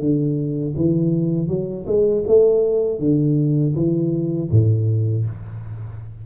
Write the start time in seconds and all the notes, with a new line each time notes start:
0.00 D3
0.76 E3
1.48 F#3
1.87 G#3
2.27 A3
2.99 D3
3.76 E3
4.51 A2